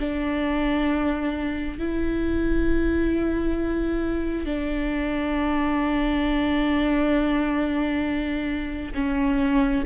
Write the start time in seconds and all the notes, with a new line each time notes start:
0.00 D4
1.79 E4
4.46 D4
8.95 C#4